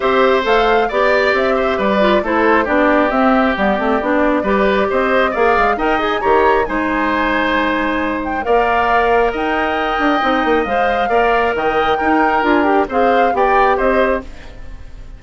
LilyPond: <<
  \new Staff \with { instrumentName = "flute" } { \time 4/4 \tempo 4 = 135 e''4 f''4 d''4 e''4 | d''4 c''4 d''4 e''4 | d''2. dis''4 | f''4 g''8 gis''8 ais''4 gis''4~ |
gis''2~ gis''8 g''8 f''4~ | f''4 g''2. | f''2 g''2 | gis''8 g''8 f''4 g''4 dis''4 | }
  \new Staff \with { instrumentName = "oboe" } { \time 4/4 c''2 d''4. c''8 | b'4 a'4 g'2~ | g'2 b'4 c''4 | d''4 dis''4 cis''4 c''4~ |
c''2. d''4~ | d''4 dis''2.~ | dis''4 d''4 dis''4 ais'4~ | ais'4 c''4 d''4 c''4 | }
  \new Staff \with { instrumentName = "clarinet" } { \time 4/4 g'4 a'4 g'2~ | g'8 f'8 e'4 d'4 c'4 | b8 c'8 d'4 g'2 | gis'4 ais'8 gis'8 g'4 dis'4~ |
dis'2. ais'4~ | ais'2. dis'4 | c''4 ais'2 dis'4 | f'8 g'8 gis'4 g'2 | }
  \new Staff \with { instrumentName = "bassoon" } { \time 4/4 c'4 a4 b4 c'4 | g4 a4 b4 c'4 | g8 a8 b4 g4 c'4 | ais8 gis8 dis'4 dis4 gis4~ |
gis2. ais4~ | ais4 dis'4. d'8 c'8 ais8 | gis4 ais4 dis4 dis'4 | d'4 c'4 b4 c'4 | }
>>